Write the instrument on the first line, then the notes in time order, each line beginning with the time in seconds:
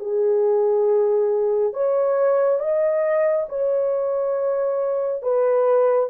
horn
0.00 G#4
1.74 C#5
2.60 D#5
3.49 C#5
5.23 B4